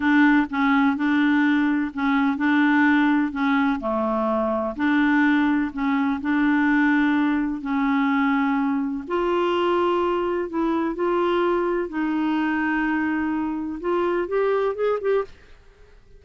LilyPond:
\new Staff \with { instrumentName = "clarinet" } { \time 4/4 \tempo 4 = 126 d'4 cis'4 d'2 | cis'4 d'2 cis'4 | a2 d'2 | cis'4 d'2. |
cis'2. f'4~ | f'2 e'4 f'4~ | f'4 dis'2.~ | dis'4 f'4 g'4 gis'8 g'8 | }